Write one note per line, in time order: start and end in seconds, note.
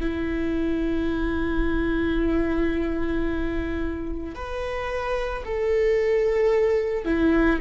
0.00 4.35 E4
4.35 5.44 B4
5.45 7.05 A4
7.05 7.60 E4